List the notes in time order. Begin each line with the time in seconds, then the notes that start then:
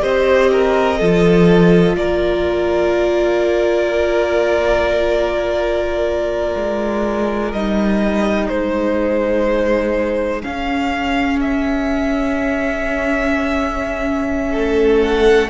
0.00 C4 G4 C5 D#5
0.52 A#4
0.99 F3 F4 A4
1.96 A#3 A#4 D5
6.56 G#3
7.53 G3 D#4 D#5
8.49 G#3 G#4 C5
10.43 C#4 F5
11.41 E5
14.53 A3 A4
15.02 F#5